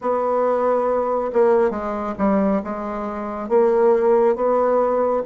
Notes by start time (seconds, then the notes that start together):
0.01 B3
1.32 A#3
1.70 G#3
2.17 G3
2.63 G#3
3.48 A#3
4.35 B3